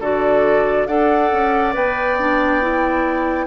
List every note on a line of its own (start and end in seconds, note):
0.00 0.87 D3
0.00 0.88 F#4
0.00 0.87 A4
0.00 0.87 D5
0.87 1.31 D4
0.87 1.73 A4
0.87 3.47 D5
0.87 1.74 F#5
1.32 1.75 C#4
1.73 3.47 B3
1.73 2.17 B4
1.73 3.47 G5
2.19 2.61 D4
2.61 3.47 E4